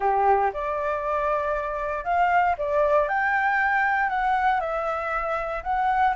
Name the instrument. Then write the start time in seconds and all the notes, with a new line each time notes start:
flute
0.00 G4
0.53 D5
2.04 F5
2.58 D5
3.08 G5
4.09 F#5
4.60 E5
5.63 F#5